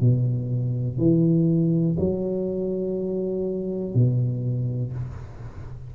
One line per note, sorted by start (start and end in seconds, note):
0.00 0.98 B2
0.98 1.96 E3
1.99 3.94 F#3
3.94 4.93 B2